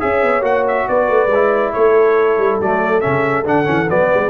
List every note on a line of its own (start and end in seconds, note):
0.00 0.23 C#4
0.00 0.42 G#4
0.00 0.88 C#5
0.00 0.44 E5
0.23 0.42 B3
0.42 0.85 A#3
0.42 1.28 F#4
0.42 0.66 F#5
0.68 0.88 E5
0.88 1.09 B3
0.88 1.73 B4
0.88 1.73 D5
1.09 1.27 A3
1.27 1.71 G#3
1.34 2.62 E4
1.73 2.38 A3
1.73 4.10 A4
1.73 2.60 C#5
2.38 2.60 G3
2.60 3.03 F#3
2.60 3.01 A3
2.60 3.01 D5
3.01 3.46 C#3
3.01 3.44 C#4
3.01 3.44 E5
3.45 3.68 D3
3.45 3.65 D4
3.45 3.90 F#5
3.65 3.90 E3
3.65 3.86 C#4
3.89 4.12 F#3
3.89 4.30 B3
3.89 4.30 D5
4.10 4.30 G#3
4.10 4.30 B4